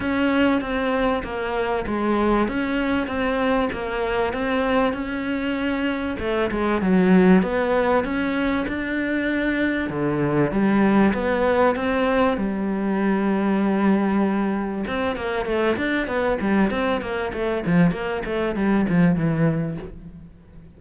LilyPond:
\new Staff \with { instrumentName = "cello" } { \time 4/4 \tempo 4 = 97 cis'4 c'4 ais4 gis4 | cis'4 c'4 ais4 c'4 | cis'2 a8 gis8 fis4 | b4 cis'4 d'2 |
d4 g4 b4 c'4 | g1 | c'8 ais8 a8 d'8 b8 g8 c'8 ais8 | a8 f8 ais8 a8 g8 f8 e4 | }